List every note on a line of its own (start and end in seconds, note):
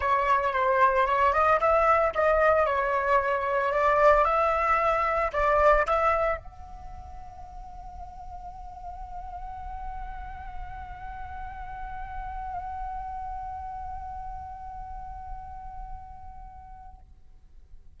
0.00 0.53 C#5
0.53 1.06 C5
1.06 1.33 C#5
1.33 1.59 D#5
1.60 2.13 E5
2.14 2.65 D#5
2.65 3.72 C#5
3.72 4.25 D5
4.25 5.31 E5
5.32 5.86 D5
5.86 6.37 E5
6.37 16.99 F#5